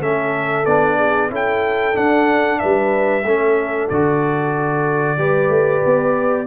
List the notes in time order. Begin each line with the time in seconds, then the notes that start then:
0.00 A3 C#4 A4 E5
0.65 B3 D4 D5
0.98 G#4
1.30 C#4 E4 A4 G5
1.93 D4 F#5
2.59 G3 B4 E5
3.24 A3 C#4 A4
3.89 D3 F#4 D5
5.17 G3 G4 B4
5.49 A3
5.85 B3